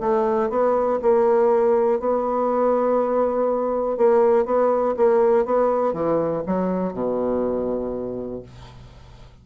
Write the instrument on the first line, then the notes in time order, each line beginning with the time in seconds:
bassoon
0.00 A3
0.49 B3
1.02 A#3
1.99 B3
3.97 A#3
4.45 B3
4.97 A#3
5.45 B3
5.93 E3
6.46 F#3
6.93 B2